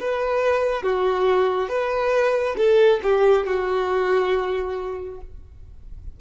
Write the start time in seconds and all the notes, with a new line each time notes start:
0.00 B4
0.83 F#4
1.69 B4
2.57 A4
3.03 G4
3.46 F#4